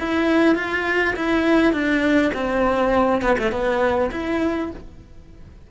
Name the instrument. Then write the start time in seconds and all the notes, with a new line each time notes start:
cello
0.00 E4
0.56 F4
1.16 E4
1.73 D4
2.35 C4
3.23 B3
3.39 A3
3.52 B3
4.12 E4